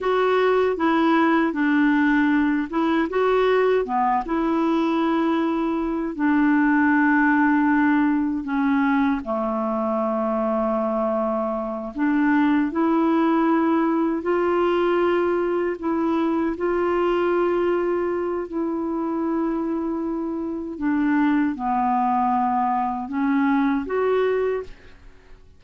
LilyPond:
\new Staff \with { instrumentName = "clarinet" } { \time 4/4 \tempo 4 = 78 fis'4 e'4 d'4. e'8 | fis'4 b8 e'2~ e'8 | d'2. cis'4 | a2.~ a8 d'8~ |
d'8 e'2 f'4.~ | f'8 e'4 f'2~ f'8 | e'2. d'4 | b2 cis'4 fis'4 | }